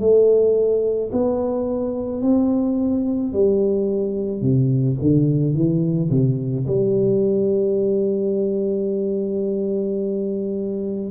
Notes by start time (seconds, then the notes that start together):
0.00 A3
1.13 B3
2.22 C4
3.33 G3
4.42 C3
5.02 D3
5.55 E3
6.11 C3
6.68 G3